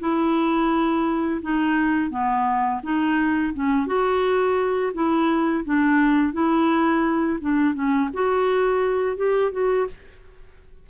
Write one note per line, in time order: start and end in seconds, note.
0.00 1.41 E4
1.42 2.10 D#4
2.10 2.81 B3
2.83 3.54 D#4
3.54 3.87 C#4
3.87 4.93 F#4
4.94 5.64 E4
5.65 6.33 D4
6.33 7.39 E4
7.41 7.74 D4
7.74 8.10 C#4
8.13 9.17 F#4
9.17 9.52 G4
9.52 9.87 F#4